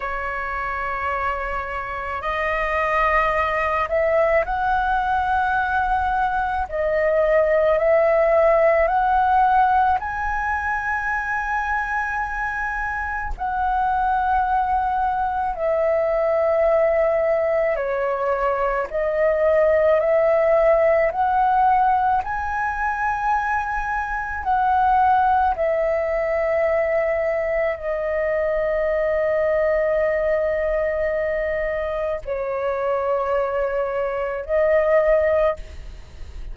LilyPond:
\new Staff \with { instrumentName = "flute" } { \time 4/4 \tempo 4 = 54 cis''2 dis''4. e''8 | fis''2 dis''4 e''4 | fis''4 gis''2. | fis''2 e''2 |
cis''4 dis''4 e''4 fis''4 | gis''2 fis''4 e''4~ | e''4 dis''2.~ | dis''4 cis''2 dis''4 | }